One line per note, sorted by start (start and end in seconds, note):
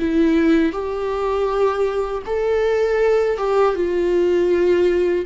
0.00 0.73 E4
0.73 2.23 G4
2.26 3.38 A4
3.38 3.75 G4
3.75 5.25 F4